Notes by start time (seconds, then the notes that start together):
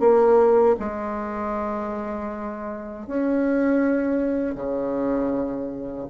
0.00 A#3
0.80 G#3
3.07 C#4
4.55 C#3